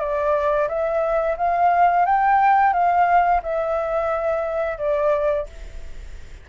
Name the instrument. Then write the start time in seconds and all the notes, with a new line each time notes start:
flute
0.00 D5
0.68 E5
1.37 F5
2.06 G5
2.73 F5
3.43 E5
4.78 D5